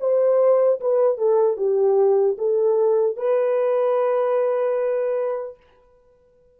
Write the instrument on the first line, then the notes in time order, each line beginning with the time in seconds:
horn
0.00 C5
0.80 B4
1.17 A4
1.57 G4
2.38 A4
3.16 B4